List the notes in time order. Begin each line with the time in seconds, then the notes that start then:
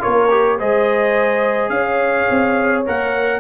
0.00 F4 A#4 C#5
0.06 A#3
0.30 G4
0.58 G#3 G#4 C5 D#5
1.69 C#4 C#5 F5
2.30 C4
2.86 A#3 A#4 F#5